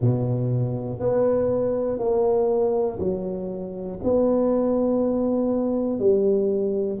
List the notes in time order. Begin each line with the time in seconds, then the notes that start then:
0.00 B2
1.00 B3
1.98 A#3
3.00 F#3
4.03 B3
5.99 G3